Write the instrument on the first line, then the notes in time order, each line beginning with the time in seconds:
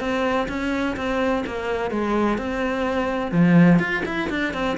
cello
0.00 C4
0.48 C#4
0.97 C4
1.46 A#3
1.91 G#3
2.38 C4
3.32 F3
3.79 F4
4.05 E4
4.30 D4
4.54 C4